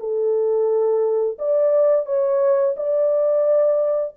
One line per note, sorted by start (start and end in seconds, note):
0.00 1.38 A4
1.39 2.06 D5
2.06 2.75 C#5
2.77 4.15 D5